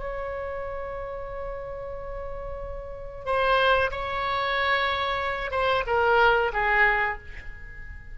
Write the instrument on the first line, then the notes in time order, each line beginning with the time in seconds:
oboe
0.00 C#5
3.26 C5
3.91 C#5
5.52 C5
5.87 A#4
6.53 G#4